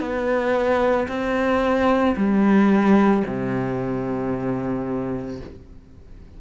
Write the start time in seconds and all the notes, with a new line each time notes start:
0.00 B3
1.08 C4
2.16 G3
3.26 C3